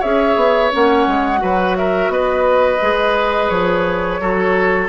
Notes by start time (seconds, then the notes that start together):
0.00 C#4 G#4 C#5 E5
0.36 B3
0.71 A#3 C#4 F#5
1.07 G#3
1.37 F#3 F#4 B4
1.77 A#4 E5
2.09 B3 B4 D#5
2.81 G#3 G#4
3.49 F3 C#5
4.20 F#3 F#4 A4